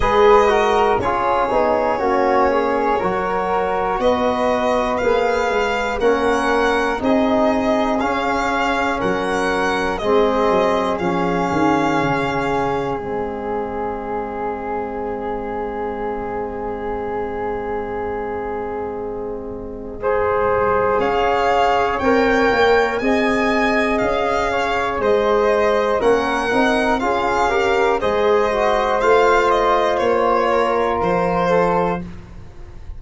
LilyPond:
<<
  \new Staff \with { instrumentName = "violin" } { \time 4/4 \tempo 4 = 60 dis''4 cis''2. | dis''4 f''4 fis''4 dis''4 | f''4 fis''4 dis''4 f''4~ | f''4 dis''2.~ |
dis''1~ | dis''4 f''4 g''4 gis''4 | f''4 dis''4 fis''4 f''4 | dis''4 f''8 dis''8 cis''4 c''4 | }
  \new Staff \with { instrumentName = "flute" } { \time 4/4 b'8 ais'8 gis'4 fis'8 gis'8 ais'4 | b'2 ais'4 gis'4~ | gis'4 ais'4 gis'2~ | gis'1~ |
gis'1 | c''4 cis''2 dis''4~ | dis''8 cis''8 c''4 ais'4 gis'8 ais'8 | c''2~ c''8 ais'4 a'8 | }
  \new Staff \with { instrumentName = "trombone" } { \time 4/4 gis'8 fis'8 f'8 dis'8 cis'4 fis'4~ | fis'4 gis'4 cis'4 dis'4 | cis'2 c'4 cis'4~ | cis'4 c'2.~ |
c'1 | gis'2 ais'4 gis'4~ | gis'2 cis'8 dis'8 f'8 g'8 | gis'8 fis'8 f'2. | }
  \new Staff \with { instrumentName = "tuba" } { \time 4/4 gis4 cis'8 b8 ais4 fis4 | b4 ais8 gis8 ais4 c'4 | cis'4 fis4 gis8 fis8 f8 dis8 | cis4 gis2.~ |
gis1~ | gis4 cis'4 c'8 ais8 c'4 | cis'4 gis4 ais8 c'8 cis'4 | gis4 a4 ais4 f4 | }
>>